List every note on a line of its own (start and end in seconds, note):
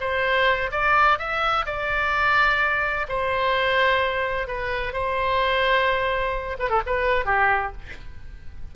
0.00 0.70 C5
0.71 1.18 D5
1.18 1.65 E5
1.66 3.06 D5
3.09 4.47 C5
4.47 4.93 B4
4.93 6.57 C5
6.59 6.69 B4
6.69 6.81 A4
6.86 7.25 B4
7.25 7.72 G4